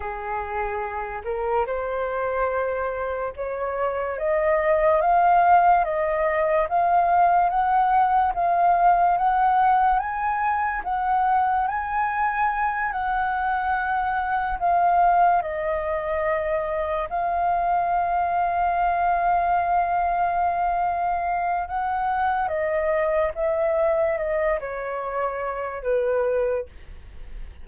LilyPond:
\new Staff \with { instrumentName = "flute" } { \time 4/4 \tempo 4 = 72 gis'4. ais'8 c''2 | cis''4 dis''4 f''4 dis''4 | f''4 fis''4 f''4 fis''4 | gis''4 fis''4 gis''4. fis''8~ |
fis''4. f''4 dis''4.~ | dis''8 f''2.~ f''8~ | f''2 fis''4 dis''4 | e''4 dis''8 cis''4. b'4 | }